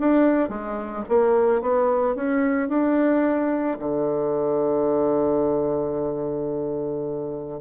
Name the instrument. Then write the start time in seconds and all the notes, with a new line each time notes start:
bassoon
0.00 D4
0.49 G#3
1.09 A#3
1.61 B3
2.15 C#4
2.69 D4
3.79 D3